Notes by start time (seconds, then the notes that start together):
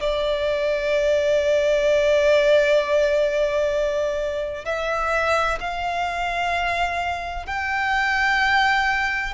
0.00 D5
4.65 E5
5.60 F5
7.46 G5